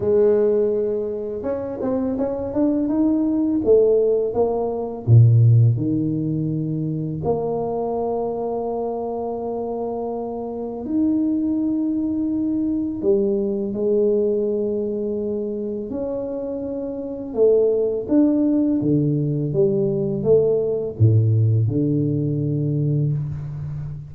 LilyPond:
\new Staff \with { instrumentName = "tuba" } { \time 4/4 \tempo 4 = 83 gis2 cis'8 c'8 cis'8 d'8 | dis'4 a4 ais4 ais,4 | dis2 ais2~ | ais2. dis'4~ |
dis'2 g4 gis4~ | gis2 cis'2 | a4 d'4 d4 g4 | a4 a,4 d2 | }